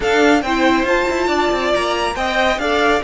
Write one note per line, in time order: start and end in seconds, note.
0.00 0.42 D4
0.00 0.44 D4
0.00 0.41 A4
0.00 0.42 F5
0.42 0.82 C4
0.42 0.88 E4
0.42 1.27 C5
0.42 0.85 G5
0.82 1.04 F4
0.82 2.14 F4
0.82 1.73 A5
1.09 1.27 E4
1.27 1.48 D4
1.27 2.13 D5
1.51 1.73 C4
1.74 2.15 A#3
1.74 2.15 A#5
2.14 2.58 C4
2.14 2.57 C5
2.14 2.60 D#5
2.14 2.58 G5
2.58 3.01 D4
2.58 3.02 A4
2.58 3.03 D5
2.58 3.01 F5